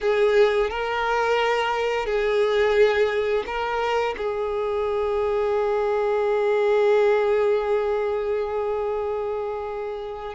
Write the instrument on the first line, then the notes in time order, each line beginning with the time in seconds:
violin
0.01 G#4
0.70 A#4
2.06 G#4
3.46 A#4
4.17 G#4